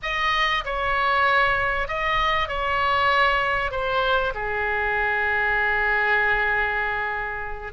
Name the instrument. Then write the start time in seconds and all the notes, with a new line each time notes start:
oboe
0.02 D#5
0.64 C#5
1.88 D#5
2.48 C#5
3.71 C5
4.34 G#4